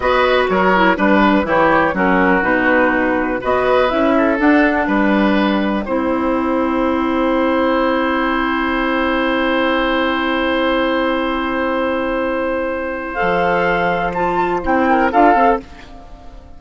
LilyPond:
<<
  \new Staff \with { instrumentName = "flute" } { \time 4/4 \tempo 4 = 123 dis''4 cis''4 b'4 cis''4 | ais'4 b'2 dis''4 | e''4 fis''4 g''2~ | g''1~ |
g''1~ | g''1~ | g''2. f''4~ | f''4 a''4 g''4 f''4 | }
  \new Staff \with { instrumentName = "oboe" } { \time 4/4 b'4 ais'4 b'4 g'4 | fis'2. b'4~ | b'8 a'4. b'2 | c''1~ |
c''1~ | c''1~ | c''1~ | c''2~ c''8 ais'8 a'4 | }
  \new Staff \with { instrumentName = "clarinet" } { \time 4/4 fis'4. e'8 d'4 e'4 | cis'4 dis'2 fis'4 | e'4 d'2. | e'1~ |
e'1~ | e'1~ | e'2. a'4~ | a'4 f'4 e'4 f'8 a'8 | }
  \new Staff \with { instrumentName = "bassoon" } { \time 4/4 b4 fis4 g4 e4 | fis4 b,2 b4 | cis'4 d'4 g2 | c'1~ |
c'1~ | c'1~ | c'2. f4~ | f2 c'4 d'8 c'8 | }
>>